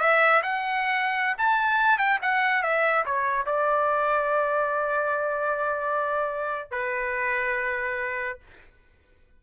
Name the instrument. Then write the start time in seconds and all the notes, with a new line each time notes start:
trumpet
0.00 E5
0.43 F#5
1.38 A5
1.98 G5
2.22 F#5
2.63 E5
3.06 C#5
3.46 D5
6.71 B4